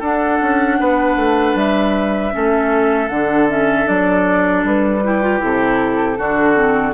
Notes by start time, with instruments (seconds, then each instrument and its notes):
0.00 bassoon D4, clarinet D4, oboe A4, flute F#5
0.42 bassoon C#4
0.80 bassoon B3, oboe B4
1.17 bassoon A3
1.55 bassoon G3, flute E5
2.32 bassoon A3, clarinet C#4, oboe A4
3.09 bassoon D3, clarinet D4, flute F#5
3.49 clarinet C#4, flute E5
3.85 bassoon F#3, clarinet D4, flute D5
4.64 bassoon G3, flute B4
5.04 clarinet E4, oboe G4
5.22 clarinet F4
5.39 bassoon C3, clarinet E4, flute A4
6.18 bassoon D3, clarinet D4, oboe F#4
6.55 clarinet C4